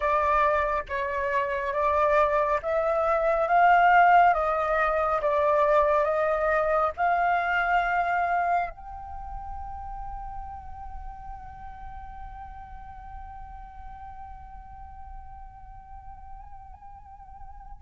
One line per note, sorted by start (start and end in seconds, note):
0.00 0.83 D5
0.89 1.73 C#5
1.73 2.60 D5
2.62 3.47 E5
3.47 4.33 F5
4.33 5.20 D#5
5.21 6.04 D5
6.04 6.91 D#5
6.96 8.70 F5
8.70 17.81 G5